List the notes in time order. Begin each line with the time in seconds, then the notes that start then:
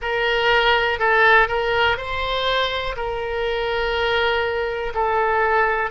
0.01 A#4
0.99 A4
1.48 A#4
1.97 C5
2.96 A#4
4.94 A4